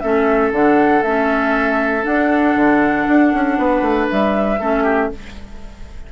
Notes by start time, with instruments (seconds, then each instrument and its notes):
0.00 bassoon A3, clarinet C#4, oboe A4, flute E5
0.51 bassoon D3, clarinet D4, flute F#5
1.03 bassoon A3, clarinet C#4, flute E5
2.03 clarinet D4, bassoon D4, flute F#5
2.55 bassoon D3
3.08 bassoon D4
3.33 bassoon C#4
3.58 bassoon B3, oboe B4
3.82 bassoon A3
4.11 bassoon G3, flute E5
4.59 bassoon A3, clarinet C#4, oboe A4
4.83 oboe G4